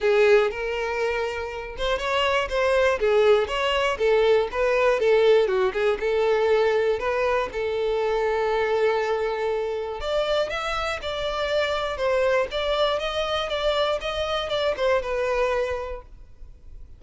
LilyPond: \new Staff \with { instrumentName = "violin" } { \time 4/4 \tempo 4 = 120 gis'4 ais'2~ ais'8 c''8 | cis''4 c''4 gis'4 cis''4 | a'4 b'4 a'4 fis'8 gis'8 | a'2 b'4 a'4~ |
a'1 | d''4 e''4 d''2 | c''4 d''4 dis''4 d''4 | dis''4 d''8 c''8 b'2 | }